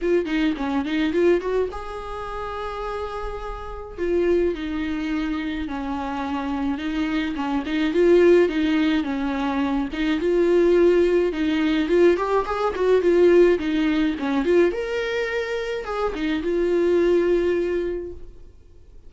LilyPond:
\new Staff \with { instrumentName = "viola" } { \time 4/4 \tempo 4 = 106 f'8 dis'8 cis'8 dis'8 f'8 fis'8 gis'4~ | gis'2. f'4 | dis'2 cis'2 | dis'4 cis'8 dis'8 f'4 dis'4 |
cis'4. dis'8 f'2 | dis'4 f'8 g'8 gis'8 fis'8 f'4 | dis'4 cis'8 f'8 ais'2 | gis'8 dis'8 f'2. | }